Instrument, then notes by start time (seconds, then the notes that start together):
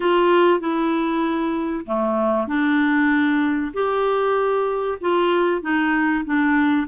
clarinet
0.00 F4
0.60 E4
1.86 A3
2.47 D4
3.73 G4
5.00 F4
5.61 D#4
6.24 D4